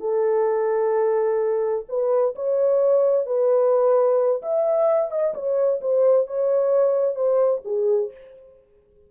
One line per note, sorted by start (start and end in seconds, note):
0.00 1.85 A4
1.88 2.34 B4
2.35 3.26 C#5
3.26 4.41 B4
4.42 5.11 E5
5.11 5.34 D#5
5.34 5.80 C#5
5.80 6.26 C5
6.26 7.15 C#5
7.15 7.61 C5
7.64 8.11 G#4